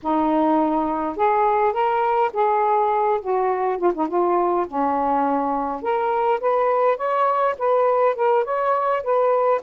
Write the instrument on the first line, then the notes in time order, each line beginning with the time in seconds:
saxophone
0.02 D#4
1.16 G#4
1.72 A#4
2.33 G#4
3.21 F#4
3.77 F4
3.93 D#4
4.08 F4
4.67 C#4
5.81 A#4
6.40 B4
6.97 C#5
7.58 B4
8.15 A#4
8.44 C#5
9.03 B4